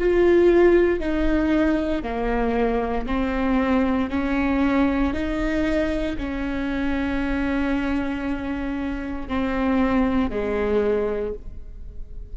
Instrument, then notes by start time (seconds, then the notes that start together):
viola
0.00 F4
1.00 D#4
2.03 A#3
3.07 C4
4.11 C#4
5.14 D#4
6.18 C#4
9.28 C4
10.31 G#3